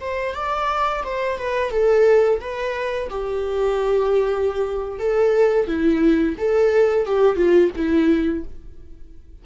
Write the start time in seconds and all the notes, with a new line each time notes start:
0.00 C5
0.34 D5
1.04 C5
1.38 B4
1.71 A4
2.40 B4
3.09 G4
4.99 A4
5.67 E4
6.38 A4
7.06 G4
7.36 F4
7.76 E4